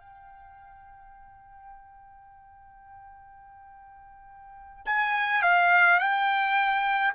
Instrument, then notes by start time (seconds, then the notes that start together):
trumpet
0.00 G5
4.85 G#5
5.42 F5
5.99 G5